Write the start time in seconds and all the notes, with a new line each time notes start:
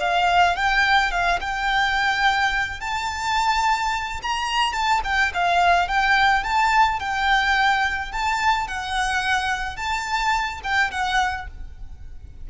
0.00 F5
0.56 G5
1.11 F5
1.41 G5
2.80 A5
4.23 A#5
4.73 A5
5.04 G5
5.34 F5
5.88 G5
6.44 A5
7.00 G5
8.12 A5
8.68 F#5
9.76 A5
10.64 G5
10.91 F#5